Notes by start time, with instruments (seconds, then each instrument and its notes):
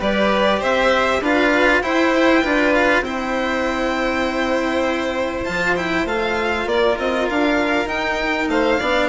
0.00 bassoon G3, cello G4, violin B4 D5
0.59 bassoon C4, violin C5 E5
1.21 bassoon D4, cello F4, violin B4 F5
1.82 bassoon E4, cello E4, violin C5 G5
2.43 bassoon D4, cello F4, violin B4
2.74 violin F5
3.01 bassoon C4, cello E4, violin C5 G5
5.44 bassoon F3, cello F4, violin A5
5.77 cello E4, violin G5
6.06 bassoon A3, cello F4, violin F5
6.66 bassoon A#3, violin A#4 D5
6.99 bassoon C4, violin D#5
7.30 bassoon D4, violin F5
7.86 bassoon D#4, cello D#4, violin G5
8.48 bassoon A3, violin C5 F5
8.80 bassoon B3, cello D4, violin D5